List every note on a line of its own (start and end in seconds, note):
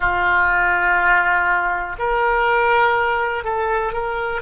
0.00 1.96 F4
1.99 3.44 A#4
3.44 3.92 A4
3.92 4.41 A#4